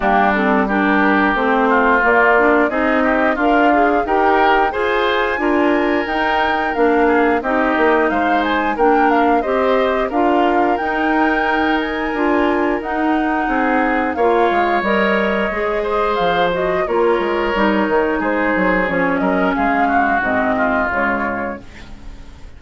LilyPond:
<<
  \new Staff \with { instrumentName = "flute" } { \time 4/4 \tempo 4 = 89 g'8 a'8 ais'4 c''4 d''4 | dis''4 f''4 g''4 gis''4~ | gis''4 g''4 f''4 dis''4 | f''8 gis''8 g''8 f''8 dis''4 f''4 |
g''4. gis''4. fis''4~ | fis''4 f''4 dis''2 | f''8 dis''8 cis''2 c''4 | cis''8 dis''8 f''4 dis''4 cis''4 | }
  \new Staff \with { instrumentName = "oboe" } { \time 4/4 d'4 g'4. f'4. | gis'8 g'8 f'4 ais'4 c''4 | ais'2~ ais'8 gis'8 g'4 | c''4 ais'4 c''4 ais'4~ |
ais'1 | gis'4 cis''2~ cis''8 c''8~ | c''4 ais'2 gis'4~ | gis'8 ais'8 gis'8 fis'4 f'4. | }
  \new Staff \with { instrumentName = "clarinet" } { \time 4/4 ais8 c'8 d'4 c'4 ais8 d'8 | dis'4 ais'8 gis'8 g'4 gis'4 | f'4 dis'4 d'4 dis'4~ | dis'4 d'4 g'4 f'4 |
dis'2 f'4 dis'4~ | dis'4 f'4 ais'4 gis'4~ | gis'8 fis'8 f'4 dis'2 | cis'2 c'4 gis4 | }
  \new Staff \with { instrumentName = "bassoon" } { \time 4/4 g2 a4 ais4 | c'4 d'4 dis'4 f'4 | d'4 dis'4 ais4 c'8 ais8 | gis4 ais4 c'4 d'4 |
dis'2 d'4 dis'4 | c'4 ais8 gis8 g4 gis4 | f4 ais8 gis8 g8 dis8 gis8 fis8 | f8 fis8 gis4 gis,4 cis4 | }
>>